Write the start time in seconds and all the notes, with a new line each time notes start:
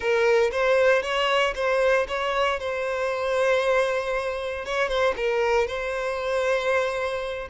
0.00 A#4
0.51 C5
1.02 C#5
1.55 C5
2.08 C#5
2.59 C5
4.65 C#5
4.88 C5
5.16 A#4
5.67 C5